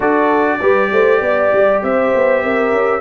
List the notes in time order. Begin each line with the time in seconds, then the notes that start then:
0.00 D4 F#4 A4 D5
0.60 G3 G4 B4
0.91 A3 C5
1.20 B3 D5
1.52 G3
1.83 C4 C5 E5
2.14 B3
2.43 C4 A#4
2.72 C#4